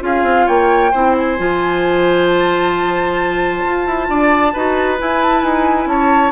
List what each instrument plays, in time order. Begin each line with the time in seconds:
0.00 bassoon C#4, clarinet F4, oboe G#4, flute F5
0.23 bassoon C4
0.46 bassoon A#3, oboe C#5, flute G5
0.91 bassoon C4, clarinet E4, oboe C5
1.18 flute G#5
1.37 bassoon F3, clarinet F4
2.27 flute A5
3.64 bassoon F4
3.86 bassoon E4
4.09 bassoon D4, oboe D5
4.53 bassoon D#4, clarinet F#4, oboe B4
4.97 clarinet E4, bassoon E4, flute G#5
5.22 flute A5
5.42 bassoon D#4, flute G#5
5.85 bassoon C#4, oboe C#5, flute A5